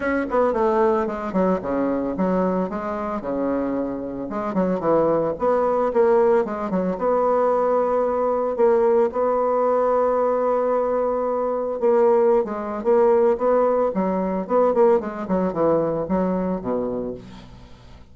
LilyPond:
\new Staff \with { instrumentName = "bassoon" } { \time 4/4 \tempo 4 = 112 cis'8 b8 a4 gis8 fis8 cis4 | fis4 gis4 cis2 | gis8 fis8 e4 b4 ais4 | gis8 fis8 b2. |
ais4 b2.~ | b2 ais4~ ais16 gis8. | ais4 b4 fis4 b8 ais8 | gis8 fis8 e4 fis4 b,4 | }